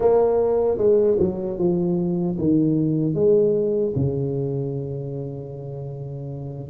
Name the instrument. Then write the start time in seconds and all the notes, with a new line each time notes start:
tuba
0.00 A#3
0.77 G#3
1.19 F#3
1.58 F3
2.38 D#3
3.14 G#3
3.95 C#3